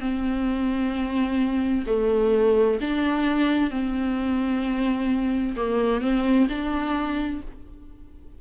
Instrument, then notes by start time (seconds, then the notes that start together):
viola
0.00 C4
1.86 A3
2.81 D4
3.70 C4
5.56 A#3
6.01 C4
6.49 D4